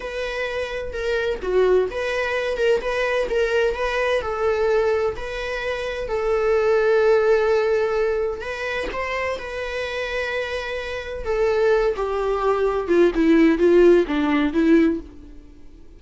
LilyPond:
\new Staff \with { instrumentName = "viola" } { \time 4/4 \tempo 4 = 128 b'2 ais'4 fis'4 | b'4. ais'8 b'4 ais'4 | b'4 a'2 b'4~ | b'4 a'2.~ |
a'2 b'4 c''4 | b'1 | a'4. g'2 f'8 | e'4 f'4 d'4 e'4 | }